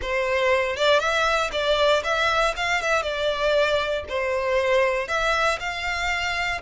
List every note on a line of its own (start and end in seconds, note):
0.01 0.76 C5
0.76 0.99 D5
0.99 1.50 E5
1.51 2.02 D5
2.03 2.54 E5
2.56 2.81 F5
2.81 3.02 E5
3.02 4.04 D5
4.08 5.08 C5
5.08 5.59 E5
5.59 6.61 F5